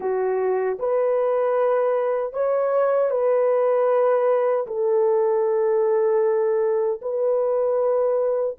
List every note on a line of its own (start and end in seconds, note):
0.00 0.78 F#4
0.79 2.33 B4
2.33 3.10 C#5
3.10 4.66 B4
4.66 7.00 A4
7.01 8.57 B4